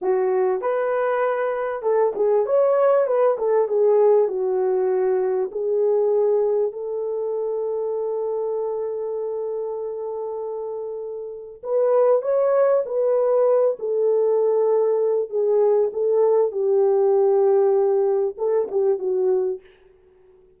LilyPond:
\new Staff \with { instrumentName = "horn" } { \time 4/4 \tempo 4 = 98 fis'4 b'2 a'8 gis'8 | cis''4 b'8 a'8 gis'4 fis'4~ | fis'4 gis'2 a'4~ | a'1~ |
a'2. b'4 | cis''4 b'4. a'4.~ | a'4 gis'4 a'4 g'4~ | g'2 a'8 g'8 fis'4 | }